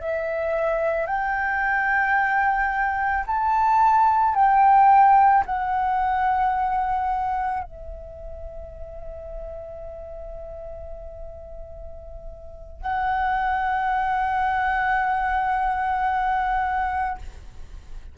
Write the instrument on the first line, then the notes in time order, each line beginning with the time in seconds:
flute
0.00 E5
1.06 G5
3.26 A5
4.35 G5
5.46 F#5
7.64 E5
12.81 F#5